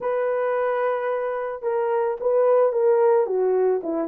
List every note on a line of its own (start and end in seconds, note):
0.00 1.62 B4
1.62 2.17 A#4
2.20 2.72 B4
2.72 3.26 A#4
3.26 3.81 F#4
3.83 4.08 E4